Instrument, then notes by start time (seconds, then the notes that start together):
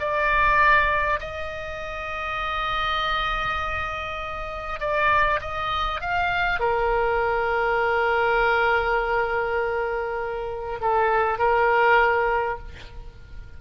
oboe
0.00 D5
1.20 D#5
4.81 D5
5.41 D#5
6.01 F5
6.60 A#4
10.81 A4
11.38 A#4